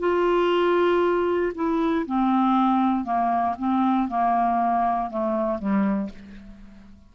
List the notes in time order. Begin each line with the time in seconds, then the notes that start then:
0.00 F4
1.55 E4
2.07 C4
3.05 A#3
3.59 C4
4.09 A#3
5.10 A3
5.59 G3